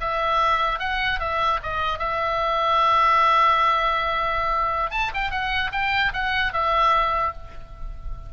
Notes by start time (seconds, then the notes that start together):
0.00 E5
0.79 F#5
1.20 E5
1.62 D#5
1.99 E5
4.91 A5
5.14 G5
5.30 F#5
5.72 G5
6.13 F#5
6.52 E5